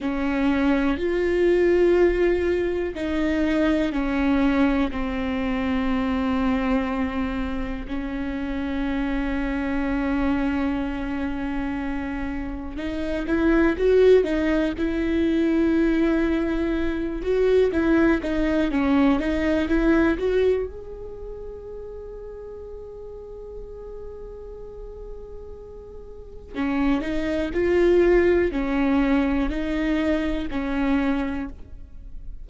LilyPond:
\new Staff \with { instrumentName = "viola" } { \time 4/4 \tempo 4 = 61 cis'4 f'2 dis'4 | cis'4 c'2. | cis'1~ | cis'4 dis'8 e'8 fis'8 dis'8 e'4~ |
e'4. fis'8 e'8 dis'8 cis'8 dis'8 | e'8 fis'8 gis'2.~ | gis'2. cis'8 dis'8 | f'4 cis'4 dis'4 cis'4 | }